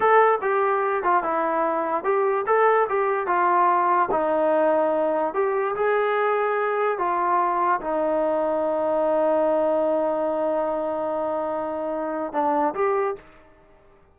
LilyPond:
\new Staff \with { instrumentName = "trombone" } { \time 4/4 \tempo 4 = 146 a'4 g'4. f'8 e'4~ | e'4 g'4 a'4 g'4 | f'2 dis'2~ | dis'4 g'4 gis'2~ |
gis'4 f'2 dis'4~ | dis'1~ | dis'1~ | dis'2 d'4 g'4 | }